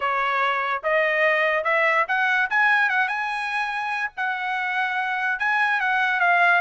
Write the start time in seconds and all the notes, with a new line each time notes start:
0.00 C#5
0.83 D#5
1.64 E5
2.08 F#5
2.50 G#5
2.89 F#5
3.08 G#5
4.16 F#5
5.39 G#5
5.80 F#5
6.20 F5